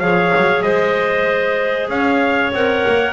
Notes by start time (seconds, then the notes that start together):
0.00 F3 G#4 C#5 F5
0.36 F#3
0.62 G#3 C5 D#5
1.89 C#4 C#5 F5
2.53 C4 A#4 F#5
2.87 A#3